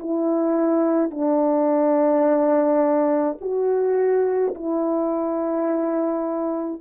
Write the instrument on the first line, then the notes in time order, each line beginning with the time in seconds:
horn
0.00 E4
1.11 D4
3.41 F#4
4.55 E4